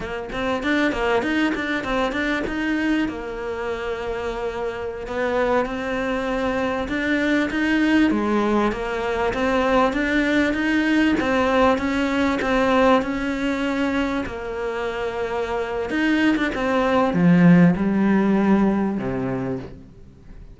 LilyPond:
\new Staff \with { instrumentName = "cello" } { \time 4/4 \tempo 4 = 98 ais8 c'8 d'8 ais8 dis'8 d'8 c'8 d'8 | dis'4 ais2.~ | ais16 b4 c'2 d'8.~ | d'16 dis'4 gis4 ais4 c'8.~ |
c'16 d'4 dis'4 c'4 cis'8.~ | cis'16 c'4 cis'2 ais8.~ | ais2 dis'8. d'16 c'4 | f4 g2 c4 | }